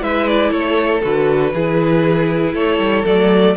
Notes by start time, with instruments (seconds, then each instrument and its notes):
0.00 cello G#3, viola E4, violin B4 E5
0.27 violin D5
0.50 cello A3, violin A4 C#5
1.02 cello D3, viola F#4, violin B4
1.52 cello E3, viola E4, violin G#4
2.53 cello A3, violin A4 C#5
2.79 cello G3
3.05 cello F#3, viola A3, violin D5